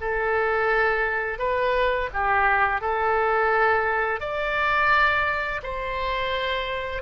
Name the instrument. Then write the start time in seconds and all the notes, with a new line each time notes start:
oboe
0.00 A4
1.38 B4
2.13 G4
2.81 A4
4.20 D5
5.63 C5